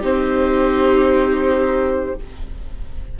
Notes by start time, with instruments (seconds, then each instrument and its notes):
0.00 bassoon C4, viola D#4 G4, flute C5